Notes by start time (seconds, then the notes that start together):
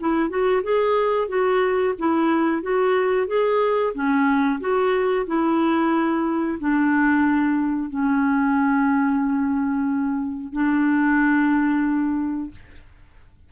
0.00 E4
0.30 F#4
0.63 G#4
1.29 F#4
1.99 E4
2.63 F#4
3.27 G#4
3.94 C#4
4.60 F#4
5.27 E4
6.60 D4
7.90 C#4
10.53 D4